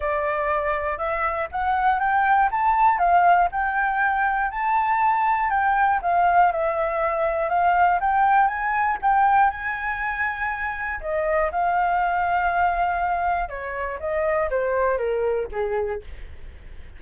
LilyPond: \new Staff \with { instrumentName = "flute" } { \time 4/4 \tempo 4 = 120 d''2 e''4 fis''4 | g''4 a''4 f''4 g''4~ | g''4 a''2 g''4 | f''4 e''2 f''4 |
g''4 gis''4 g''4 gis''4~ | gis''2 dis''4 f''4~ | f''2. cis''4 | dis''4 c''4 ais'4 gis'4 | }